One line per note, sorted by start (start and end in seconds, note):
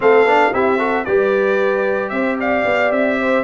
0.00 0.24 A3
0.00 0.26 C4
0.00 0.54 A4
0.00 0.54 F5
0.24 0.51 B3
0.24 0.53 D4
0.52 1.06 C4
0.52 0.78 E4
0.52 0.78 G4
0.52 1.04 E5
0.78 1.05 F#4
0.78 1.05 A4
1.04 2.11 G3
1.04 3.43 G4
1.04 2.12 B4
1.04 2.09 D5
2.09 2.64 C4
2.09 2.38 C5
2.09 2.36 E5
2.40 3.19 D5
2.40 2.92 F5
2.65 2.91 B3
2.91 3.43 C4
2.91 3.43 E5
3.19 3.43 C5